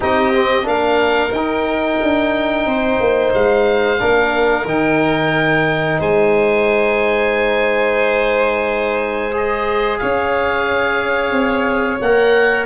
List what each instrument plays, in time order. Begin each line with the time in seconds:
0.00 tuba C4, trombone D#4, violin G4, oboe D#5
0.33 trombone C4
0.63 tuba A#3, trombone D4, violin A#4, oboe F5
1.31 tuba D#4, trombone D#4, oboe G5
2.02 tuba D4
2.66 tuba C4, violin C5
3.00 tuba A#3
3.34 tuba G#3, oboe F5
3.98 tuba A#3, trombone D4, violin A#4
4.64 tuba D#3, trombone D#4, oboe G5
5.99 tuba G#3, violin C5, oboe G#5
9.32 trombone G#4, oboe D#5
9.98 tuba C#4, violin C#5, oboe F5
11.31 tuba C4
12.01 tuba A#3, trombone A#4, oboe F#5